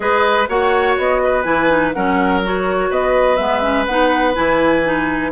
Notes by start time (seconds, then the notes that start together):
0.00 G#3 G#4 B4 D#5
0.48 A#3 F#4 C#5 F#5
0.97 B3 D#5
1.23 B4
1.43 E3 E4 G#5
1.69 D#4
1.93 F#3 C#4 A#4 F#5
2.43 F#4 C#5
2.90 B3 B4 D#5
3.36 G#3 B3 E5
3.61 C#4
3.86 B3 D#4 F#5
4.33 E3 E4 G#5
4.84 D#4